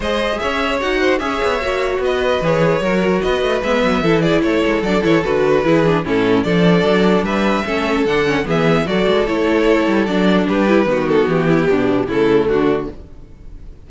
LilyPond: <<
  \new Staff \with { instrumentName = "violin" } { \time 4/4 \tempo 4 = 149 dis''4 e''4 fis''4 e''4~ | e''4 dis''4 cis''2 | dis''4 e''4. d''8 cis''4 | d''8 cis''8 b'2 a'4 |
d''2 e''2 | fis''4 e''4 d''4 cis''4~ | cis''4 d''4 b'4. a'8 | g'2 a'4 fis'4 | }
  \new Staff \with { instrumentName = "violin" } { \time 4/4 c''4 cis''4. c''8 cis''4~ | cis''4 b'2 ais'4 | b'2 a'8 gis'8 a'4~ | a'2 gis'4 e'4 |
a'2 b'4 a'4~ | a'4 gis'4 a'2~ | a'2 g'4 fis'4~ | fis'8 e'8 d'4 e'4 d'4 | }
  \new Staff \with { instrumentName = "viola" } { \time 4/4 gis'2 fis'4 gis'4 | fis'2 gis'4 fis'4~ | fis'4 b4 e'2 | d'8 e'8 fis'4 e'8 d'8 cis'4 |
d'2. cis'4 | d'8 cis'8 b4 fis'4 e'4~ | e'4 d'4. e'8 b4~ | b2 a2 | }
  \new Staff \with { instrumentName = "cello" } { \time 4/4 gis4 cis'4 dis'4 cis'8 b8 | ais4 b4 e4 fis4 | b8 a8 gis8 fis8 e4 a8 gis8 | fis8 e8 d4 e4 a,4 |
f4 fis4 g4 a4 | d4 e4 fis8 gis8 a4~ | a8 g8 fis4 g4 dis4 | e4 b,4 cis4 d4 | }
>>